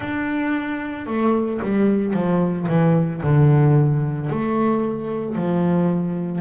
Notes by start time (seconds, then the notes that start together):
0.00 D4
1.06 A3
1.62 G3
2.13 F3
2.68 E3
3.22 D3
4.29 A3
5.35 F3